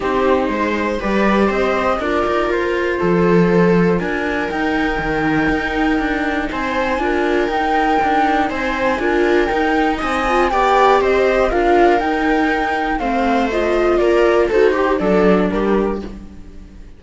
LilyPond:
<<
  \new Staff \with { instrumentName = "flute" } { \time 4/4 \tempo 4 = 120 c''2 d''4 dis''4 | d''4 c''2. | gis''4 g''2.~ | g''4 gis''2 g''4~ |
g''4 gis''2 g''4 | gis''4 g''4 dis''4 f''4 | g''2 f''4 dis''4 | d''4 c''4 d''4 ais'4 | }
  \new Staff \with { instrumentName = "viola" } { \time 4/4 g'4 c''4 b'4 c''4 | ais'2 a'2 | ais'1~ | ais'4 c''4 ais'2~ |
ais'4 c''4 ais'2 | dis''4 d''4 c''4 ais'4~ | ais'2 c''2 | ais'4 a'8 g'8 a'4 g'4 | }
  \new Staff \with { instrumentName = "viola" } { \time 4/4 dis'2 g'2 | f'1~ | f'4 dis'2.~ | dis'2 f'4 dis'4~ |
dis'2 f'4 dis'4~ | dis'8 f'8 g'2 f'4 | dis'2 c'4 f'4~ | f'4 fis'8 g'8 d'2 | }
  \new Staff \with { instrumentName = "cello" } { \time 4/4 c'4 gis4 g4 c'4 | d'8 dis'8 f'4 f2 | d'4 dis'4 dis4 dis'4 | d'4 c'4 d'4 dis'4 |
d'4 c'4 d'4 dis'4 | c'4 b4 c'4 d'4 | dis'2 a2 | ais4 dis'4 fis4 g4 | }
>>